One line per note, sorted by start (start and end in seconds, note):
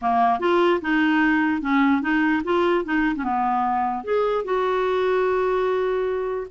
0.01 0.39 A#3
0.39 0.80 F4
0.81 1.61 D#4
1.61 2.01 C#4
2.01 2.42 D#4
2.44 2.84 F4
2.85 3.15 D#4
3.15 3.23 C#4
3.23 4.04 B3
4.04 4.44 G#4
4.44 6.47 F#4